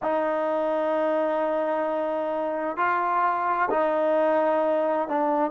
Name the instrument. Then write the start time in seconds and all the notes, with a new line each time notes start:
trombone
0.02 D#4
2.77 F4
3.70 D#4
5.08 D4